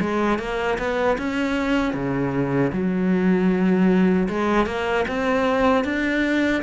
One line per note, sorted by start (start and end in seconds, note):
0.00 0.39 G#3
0.39 0.78 A#3
0.78 1.17 B3
1.18 1.93 C#4
1.93 2.71 C#3
2.72 4.28 F#3
4.29 4.66 G#3
4.66 5.05 A#3
5.08 5.84 C4
5.84 6.62 D4